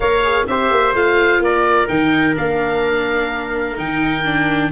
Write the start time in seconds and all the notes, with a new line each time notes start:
0.00 A#3 A#4 C#5 F5
0.23 G#4
0.47 C4 G4 C5 E5
0.70 A#3
0.93 A3 F4 F5
1.39 A#3 A#4 D5
1.87 D#3 D#4 G5
2.35 A#3 D4 F5
3.76 D#3 D#4 G5
4.24 D4